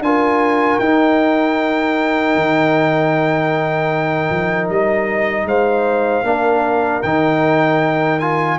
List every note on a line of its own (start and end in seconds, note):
0.00 0.78 D4
0.00 0.81 F4
0.00 5.47 A#4
0.00 0.79 G#5
0.79 2.35 D#4
0.79 6.24 D#4
0.79 4.69 G5
2.35 4.30 D#3
4.30 4.69 F3
4.69 5.45 G3
4.69 5.48 D#5
5.45 6.23 G#3
5.45 6.25 C5
5.45 7.02 F5
6.23 7.01 A#3
6.23 7.02 D4
6.23 8.59 A#4
7.02 8.59 D#3
7.02 8.21 D#4
7.02 8.19 G5
8.19 8.59 F4
8.19 8.58 G#5